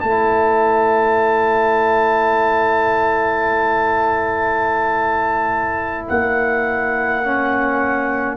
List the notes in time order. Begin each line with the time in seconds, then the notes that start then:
0.00 A3 E4 C#5 A5
6.08 A#3 F#5
7.25 C#4